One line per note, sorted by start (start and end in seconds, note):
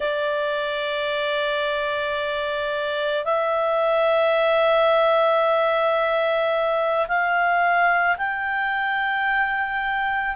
0.00 3.24 D5
3.24 7.06 E5
7.08 8.17 F5
8.17 10.35 G5